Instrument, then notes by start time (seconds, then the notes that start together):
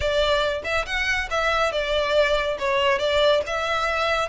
violin
0.00 D5
0.64 E5
0.86 F#5
1.30 E5
1.71 D5
2.58 C#5
2.98 D5
3.46 E5